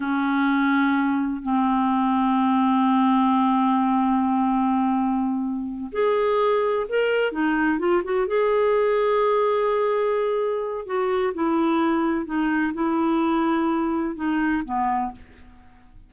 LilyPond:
\new Staff \with { instrumentName = "clarinet" } { \time 4/4 \tempo 4 = 127 cis'2. c'4~ | c'1~ | c'1~ | c'8 gis'2 ais'4 dis'8~ |
dis'8 f'8 fis'8 gis'2~ gis'8~ | gis'2. fis'4 | e'2 dis'4 e'4~ | e'2 dis'4 b4 | }